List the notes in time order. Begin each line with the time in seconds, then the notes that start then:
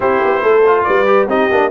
0.00 C4 E4 G4 C5
0.24 B3
0.42 A3 A4
0.66 F4
0.83 G3 B4 D5
1.06 G4
1.27 C4 D#4 G4 D#5
1.51 A#3 D4